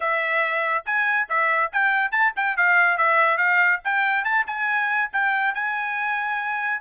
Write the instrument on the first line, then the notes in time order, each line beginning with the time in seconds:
trumpet
0.00 E5
0.85 G#5
1.29 E5
1.72 G5
2.11 A5
2.36 G5
2.56 F5
2.97 E5
3.37 F5
3.84 G5
4.24 A5
4.46 G#5
5.12 G5
5.54 G#5